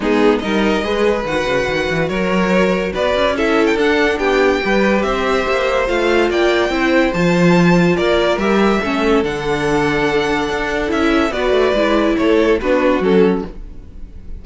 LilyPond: <<
  \new Staff \with { instrumentName = "violin" } { \time 4/4 \tempo 4 = 143 gis'4 dis''2 fis''4~ | fis''4 cis''2 d''4 | e''8. g''16 fis''4 g''2 | e''2 f''4 g''4~ |
g''4 a''2 d''4 | e''2 fis''2~ | fis''2 e''4 d''4~ | d''4 cis''4 b'4 a'4 | }
  \new Staff \with { instrumentName = "violin" } { \time 4/4 dis'4 ais'4 b'2~ | b'4 ais'2 b'4 | a'2 g'4 b'4 | c''2. d''4 |
c''2. ais'4~ | ais'4 a'2.~ | a'2. b'4~ | b'4 a'4 fis'2 | }
  \new Staff \with { instrumentName = "viola" } { \time 4/4 b4 dis'4 gis'4 fis'4~ | fis'1 | e'4 d'2 g'4~ | g'2 f'2 |
e'4 f'2. | g'4 cis'4 d'2~ | d'2 e'4 fis'4 | e'2 d'4 cis'4 | }
  \new Staff \with { instrumentName = "cello" } { \time 4/4 gis4 g4 gis4 dis8 cis8 | dis8 e8 fis2 b8 cis'8~ | cis'4 d'4 b4 g4 | c'4 ais4 a4 ais4 |
c'4 f2 ais4 | g4 a4 d2~ | d4 d'4 cis'4 b8 a8 | gis4 a4 b4 fis4 | }
>>